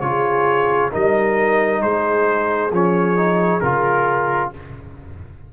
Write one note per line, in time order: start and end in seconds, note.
0.00 0.90 C#3
0.00 0.91 F4
0.00 0.91 G#4
0.00 0.90 C#5
0.91 1.82 G3
0.91 2.70 D#4
0.91 1.81 A#4
0.91 1.82 D#5
1.81 2.71 G#3
1.81 4.50 G#4
1.81 2.71 C5
2.71 3.61 F3
2.71 3.16 C#4
2.71 3.60 C#5
3.16 3.61 D#4
3.60 4.52 C#3
3.60 4.53 F4
3.60 4.49 A#4